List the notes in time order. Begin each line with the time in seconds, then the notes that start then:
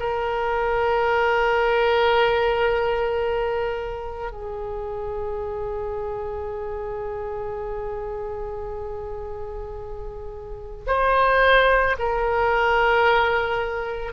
0.00 A#4
4.32 G#4
10.87 C5
11.99 A#4